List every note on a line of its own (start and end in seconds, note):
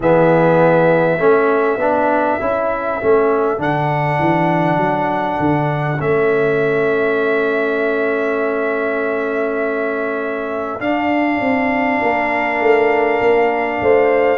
0.00 1.18 E3
0.00 1.18 B3
0.00 1.19 G#4
0.00 3.61 E5
1.18 1.76 A3
1.18 1.78 C#4
1.18 11.99 A4
1.76 2.36 B3
1.76 2.40 D4
2.40 3.00 C#4
2.40 3.00 E4
3.00 3.58 A3
3.00 3.57 C#4
3.57 4.19 D3
3.57 5.97 D4
3.57 6.00 F#5
4.19 4.77 E3
4.77 5.37 F#3
5.39 5.99 D3
5.99 10.79 A3
5.99 10.79 C#4
5.99 10.80 E5
10.79 11.39 D4
10.79 14.37 D4
10.79 14.37 F5
11.40 12.00 C4
12.00 12.60 A#3
12.00 13.80 A#4
12.60 13.20 A3
13.20 13.80 A#3
13.81 14.37 A3
13.81 14.37 C5